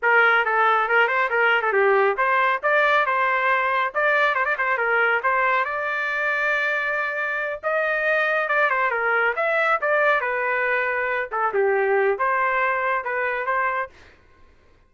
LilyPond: \new Staff \with { instrumentName = "trumpet" } { \time 4/4 \tempo 4 = 138 ais'4 a'4 ais'8 c''8 ais'8. a'16 | g'4 c''4 d''4 c''4~ | c''4 d''4 c''16 d''16 c''8 ais'4 | c''4 d''2.~ |
d''4. dis''2 d''8 | c''8 ais'4 e''4 d''4 b'8~ | b'2 a'8 g'4. | c''2 b'4 c''4 | }